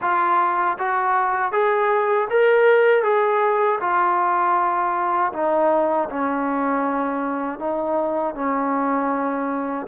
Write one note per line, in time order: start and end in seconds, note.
0.01 0.77 F4
0.78 1.52 F#4
1.52 2.28 G#4
2.30 3.03 A#4
3.03 3.79 G#4
3.80 5.32 F4
5.33 6.09 D#4
6.09 7.59 C#4
7.59 8.34 D#4
8.34 9.86 C#4